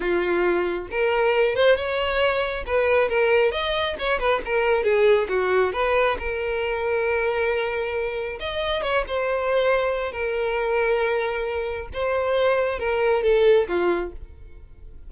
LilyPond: \new Staff \with { instrumentName = "violin" } { \time 4/4 \tempo 4 = 136 f'2 ais'4. c''8 | cis''2 b'4 ais'4 | dis''4 cis''8 b'8 ais'4 gis'4 | fis'4 b'4 ais'2~ |
ais'2. dis''4 | cis''8 c''2~ c''8 ais'4~ | ais'2. c''4~ | c''4 ais'4 a'4 f'4 | }